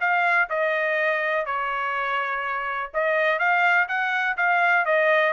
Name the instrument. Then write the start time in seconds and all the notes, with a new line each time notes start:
trumpet
0.00 F5
0.49 D#5
1.45 C#5
2.93 D#5
3.39 F5
3.88 F#5
4.37 F5
4.85 D#5